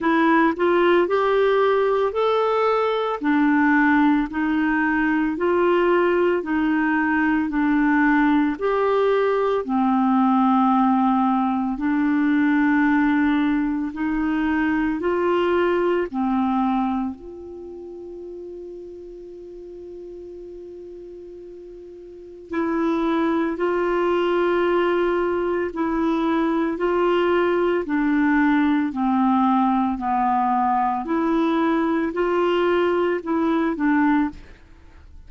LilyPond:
\new Staff \with { instrumentName = "clarinet" } { \time 4/4 \tempo 4 = 56 e'8 f'8 g'4 a'4 d'4 | dis'4 f'4 dis'4 d'4 | g'4 c'2 d'4~ | d'4 dis'4 f'4 c'4 |
f'1~ | f'4 e'4 f'2 | e'4 f'4 d'4 c'4 | b4 e'4 f'4 e'8 d'8 | }